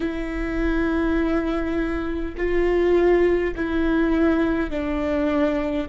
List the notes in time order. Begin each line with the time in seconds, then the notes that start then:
0.00 E4
2.37 F4
3.56 E4
4.70 D4